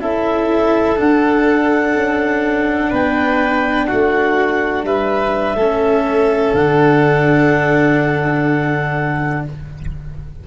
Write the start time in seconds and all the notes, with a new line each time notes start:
0.00 C#4 E4 A4 E5
0.96 D4 F#5
1.95 C#4
2.90 B3 B4 G5
3.87 A3 F#4 F#5
4.84 G3 B4 E5
5.55 A3 C#4 A4
6.54 D3 D4 F#5